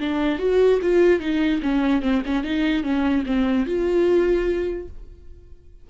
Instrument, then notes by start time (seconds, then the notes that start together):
viola
0.00 D4
0.39 F#4
0.82 F4
1.20 D#4
1.63 C#4
2.02 C4
2.26 C#4
2.44 D#4
2.83 C#4
3.26 C4
3.66 F4